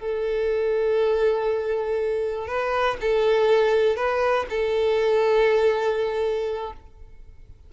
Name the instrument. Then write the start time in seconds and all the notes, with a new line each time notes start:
violin
0.00 A4
2.48 B4
3.01 A4
3.97 B4
4.50 A4